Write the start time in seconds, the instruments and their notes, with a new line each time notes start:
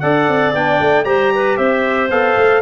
0.00 tuba D4, trombone A4, clarinet D5, trumpet F#5
0.28 tuba C4
0.54 tuba B3, trombone D4, trumpet G5
0.80 tuba A3
1.05 tuba G3, trombone G4, clarinet C5, trumpet A#5
1.35 clarinet B4
1.57 tuba C4, clarinet C5, trumpet E5
2.11 tuba B3, trombone A4, trumpet F5
2.37 tuba A3